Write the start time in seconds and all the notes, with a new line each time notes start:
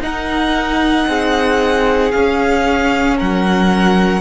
0.00 D#4 A#4 F#5
1.07 C4 G#4
2.11 C#4 F5
3.17 F#3 A#4 F#5